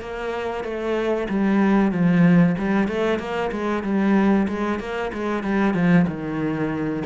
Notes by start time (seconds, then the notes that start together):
0.00 A#3
0.64 A3
1.29 G3
1.91 F3
2.58 G3
2.88 A3
3.19 A#3
3.51 G#3
3.83 G3
4.48 G#3
4.80 A#3
5.13 G#3
5.43 G3
5.74 F3
6.07 D#3